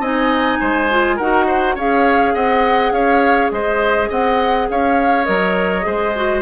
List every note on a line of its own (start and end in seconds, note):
0.00 0.58 C4
0.00 0.91 D#4
0.00 0.59 D#5
0.00 1.18 G#5
0.60 1.19 G#3
0.60 1.17 C5
0.91 1.20 F4
1.17 1.76 D#4
1.17 1.78 F#4
1.17 1.46 A#4
1.17 1.76 F#5
1.47 1.75 C5
1.75 2.34 C#4
1.75 5.25 G#4
1.75 2.34 C#5
1.75 2.35 F5
2.35 2.92 C4
2.35 2.93 D#5
2.35 2.92 F#5
2.92 3.50 C#4
2.92 3.52 C#5
2.92 3.51 F5
3.51 4.10 G#3
3.51 4.09 C5
3.51 4.10 D#5
4.09 4.69 C4
4.09 4.68 D#5
4.09 4.70 F#5
4.70 5.29 C#4
4.70 5.86 C#5
4.70 5.25 F5
5.25 5.86 F#3
5.25 5.82 A#4
5.25 6.41 D#5
5.82 6.42 G#3
5.82 6.11 G#4
5.82 6.42 C5
6.16 6.42 F#4